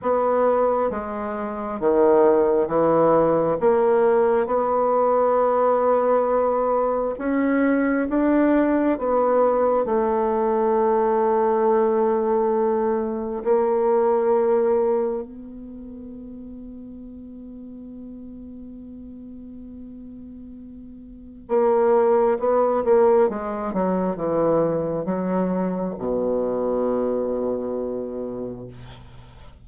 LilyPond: \new Staff \with { instrumentName = "bassoon" } { \time 4/4 \tempo 4 = 67 b4 gis4 dis4 e4 | ais4 b2. | cis'4 d'4 b4 a4~ | a2. ais4~ |
ais4 b2.~ | b1 | ais4 b8 ais8 gis8 fis8 e4 | fis4 b,2. | }